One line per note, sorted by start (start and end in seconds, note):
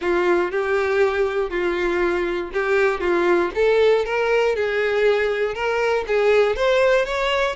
0.01 0.51 F4
0.51 1.49 G4
1.49 2.50 F4
2.53 3.00 G4
3.00 3.50 F4
3.55 4.05 A4
4.05 4.55 A#4
4.55 5.54 G#4
5.54 6.05 A#4
6.07 6.56 G#4
6.56 7.05 C5
7.05 7.55 C#5